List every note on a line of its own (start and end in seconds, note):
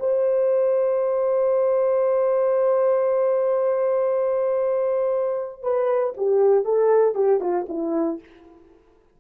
0.00 5.62 C5
5.62 6.14 B4
6.17 6.65 G4
6.65 7.15 A4
7.15 7.41 G4
7.41 7.66 F4
7.69 8.20 E4